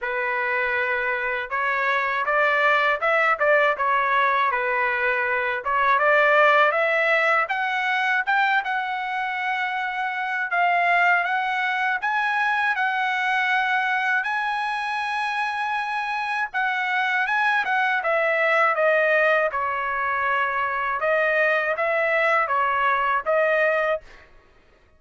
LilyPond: \new Staff \with { instrumentName = "trumpet" } { \time 4/4 \tempo 4 = 80 b'2 cis''4 d''4 | e''8 d''8 cis''4 b'4. cis''8 | d''4 e''4 fis''4 g''8 fis''8~ | fis''2 f''4 fis''4 |
gis''4 fis''2 gis''4~ | gis''2 fis''4 gis''8 fis''8 | e''4 dis''4 cis''2 | dis''4 e''4 cis''4 dis''4 | }